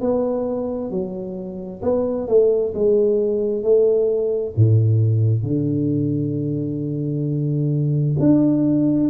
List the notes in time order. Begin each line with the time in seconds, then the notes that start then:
0.00 B3
0.90 F#3
1.82 B3
2.27 A3
2.74 G#3
3.63 A3
4.56 A2
5.43 D3
8.19 D4